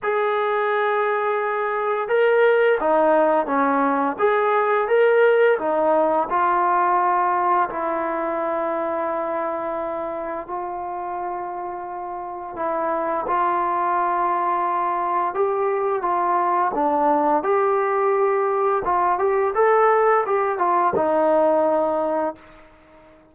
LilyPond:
\new Staff \with { instrumentName = "trombone" } { \time 4/4 \tempo 4 = 86 gis'2. ais'4 | dis'4 cis'4 gis'4 ais'4 | dis'4 f'2 e'4~ | e'2. f'4~ |
f'2 e'4 f'4~ | f'2 g'4 f'4 | d'4 g'2 f'8 g'8 | a'4 g'8 f'8 dis'2 | }